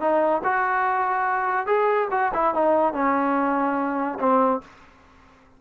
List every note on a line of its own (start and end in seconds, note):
0.00 0.42 D#4
0.44 1.66 F#4
1.66 2.08 G#4
2.11 2.31 F#4
2.34 2.54 E4
2.54 2.93 D#4
2.93 4.18 C#4
4.19 4.61 C4